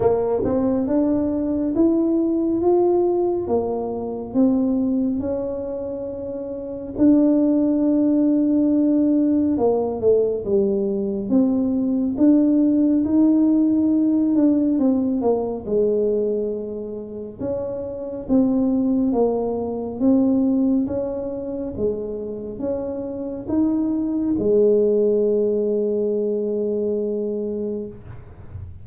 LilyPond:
\new Staff \with { instrumentName = "tuba" } { \time 4/4 \tempo 4 = 69 ais8 c'8 d'4 e'4 f'4 | ais4 c'4 cis'2 | d'2. ais8 a8 | g4 c'4 d'4 dis'4~ |
dis'8 d'8 c'8 ais8 gis2 | cis'4 c'4 ais4 c'4 | cis'4 gis4 cis'4 dis'4 | gis1 | }